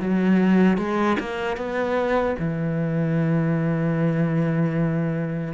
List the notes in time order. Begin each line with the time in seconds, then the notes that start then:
0.00 F#3
0.78 G#3
1.19 A#3
1.57 B3
2.39 E3